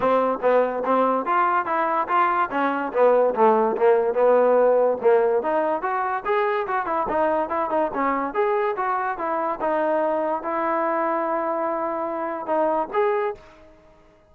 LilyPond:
\new Staff \with { instrumentName = "trombone" } { \time 4/4 \tempo 4 = 144 c'4 b4 c'4 f'4 | e'4 f'4 cis'4 b4 | a4 ais4 b2 | ais4 dis'4 fis'4 gis'4 |
fis'8 e'8 dis'4 e'8 dis'8 cis'4 | gis'4 fis'4 e'4 dis'4~ | dis'4 e'2.~ | e'2 dis'4 gis'4 | }